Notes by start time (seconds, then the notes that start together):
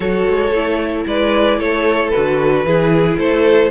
0.00 F#3 F#4 A4 C#5
0.29 G#3
0.52 A3 E4
1.06 G#3 B4 D5
1.59 A3 A4 C#5
2.10 F#4 B4
2.16 D3
2.64 E3 E4 G#4
3.18 A3 A4 C5